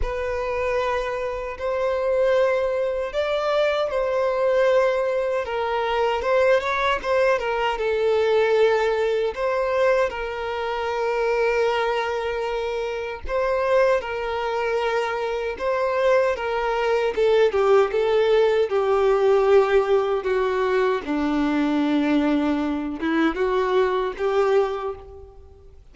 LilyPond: \new Staff \with { instrumentName = "violin" } { \time 4/4 \tempo 4 = 77 b'2 c''2 | d''4 c''2 ais'4 | c''8 cis''8 c''8 ais'8 a'2 | c''4 ais'2.~ |
ais'4 c''4 ais'2 | c''4 ais'4 a'8 g'8 a'4 | g'2 fis'4 d'4~ | d'4. e'8 fis'4 g'4 | }